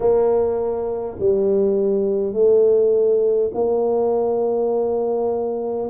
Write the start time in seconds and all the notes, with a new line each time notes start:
0.00 A#3
1.19 G3
2.33 A3
3.53 A#3